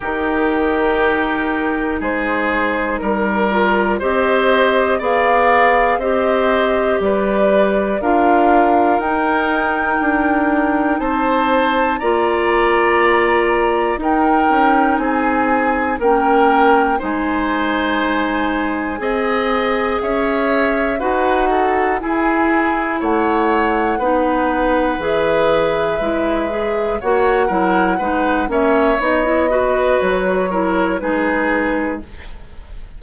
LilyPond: <<
  \new Staff \with { instrumentName = "flute" } { \time 4/4 \tempo 4 = 60 ais'2 c''4 ais'4 | dis''4 f''4 dis''4 d''4 | f''4 g''2 a''4 | ais''2 g''4 gis''4 |
g''4 gis''2. | e''4 fis''4 gis''4 fis''4~ | fis''4 e''2 fis''4~ | fis''8 e''8 dis''4 cis''4 b'4 | }
  \new Staff \with { instrumentName = "oboe" } { \time 4/4 g'2 gis'4 ais'4 | c''4 d''4 c''4 b'4 | ais'2. c''4 | d''2 ais'4 gis'4 |
ais'4 c''2 dis''4 | cis''4 b'8 a'8 gis'4 cis''4 | b'2. cis''8 ais'8 | b'8 cis''4 b'4 ais'8 gis'4 | }
  \new Staff \with { instrumentName = "clarinet" } { \time 4/4 dis'2.~ dis'8 f'8 | g'4 gis'4 g'2 | f'4 dis'2. | f'2 dis'2 |
cis'4 dis'2 gis'4~ | gis'4 fis'4 e'2 | dis'4 gis'4 e'8 gis'8 fis'8 e'8 | dis'8 cis'8 dis'16 e'16 fis'4 e'8 dis'4 | }
  \new Staff \with { instrumentName = "bassoon" } { \time 4/4 dis2 gis4 g4 | c'4 b4 c'4 g4 | d'4 dis'4 d'4 c'4 | ais2 dis'8 cis'8 c'4 |
ais4 gis2 c'4 | cis'4 dis'4 e'4 a4 | b4 e4 gis4 ais8 fis8 | gis8 ais8 b4 fis4 gis4 | }
>>